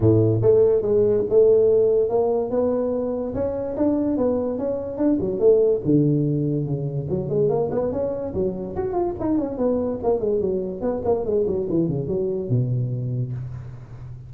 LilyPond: \new Staff \with { instrumentName = "tuba" } { \time 4/4 \tempo 4 = 144 a,4 a4 gis4 a4~ | a4 ais4 b2 | cis'4 d'4 b4 cis'4 | d'8 fis8 a4 d2 |
cis4 fis8 gis8 ais8 b8 cis'4 | fis4 fis'8 f'8 dis'8 cis'8 b4 | ais8 gis8 fis4 b8 ais8 gis8 fis8 | e8 cis8 fis4 b,2 | }